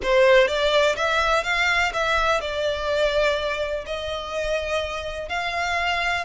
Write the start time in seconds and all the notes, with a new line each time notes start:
0.02 C5
0.47 D5
0.96 E5
1.43 F5
1.93 E5
2.40 D5
3.86 D#5
5.28 F5